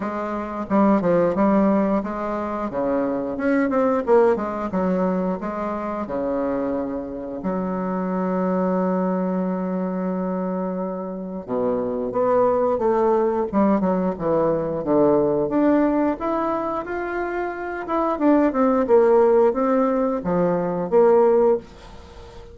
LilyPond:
\new Staff \with { instrumentName = "bassoon" } { \time 4/4 \tempo 4 = 89 gis4 g8 f8 g4 gis4 | cis4 cis'8 c'8 ais8 gis8 fis4 | gis4 cis2 fis4~ | fis1~ |
fis4 b,4 b4 a4 | g8 fis8 e4 d4 d'4 | e'4 f'4. e'8 d'8 c'8 | ais4 c'4 f4 ais4 | }